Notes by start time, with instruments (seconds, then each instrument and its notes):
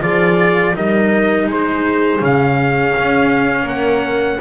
0.00 double bass F3, cello F4, horn G#4, trumpet D5
0.74 double bass G3, cello D#4, horn A#4, trumpet D#5
1.46 double bass G#3, horn G#4, trumpet C5
2.19 double bass C#3, cello C#4, trumpet F5
2.98 double bass C#4
3.63 double bass A#3, horn A#4, trumpet F#5